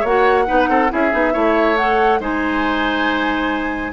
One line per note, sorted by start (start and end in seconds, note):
0.00 0.47 A#3
0.00 0.45 F#4
0.00 0.43 C#5
0.00 0.92 F#5
0.45 0.69 B3
0.45 0.89 D#4
0.45 0.69 B4
0.69 0.90 C4
0.69 0.91 A4
0.89 1.12 C#4
0.89 1.11 E4
0.89 1.33 G#4
0.89 1.76 E5
1.11 1.34 B3
1.11 1.32 D#4
1.32 2.20 A3
1.32 1.75 E4
1.32 2.19 C#5
1.76 2.20 A4
1.76 2.20 F#5
2.20 3.92 G#3
2.20 3.92 D#4
2.20 3.92 C5
2.20 3.92 G#5